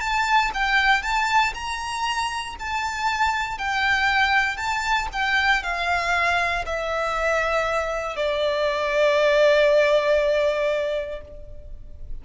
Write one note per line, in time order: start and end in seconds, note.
0.00 0.51 A5
0.54 1.02 G5
1.02 1.53 A5
1.54 2.56 A#5
2.59 3.58 A5
3.58 4.57 G5
4.57 5.08 A5
5.12 5.63 G5
5.63 6.65 F5
6.66 8.16 E5
8.16 11.21 D5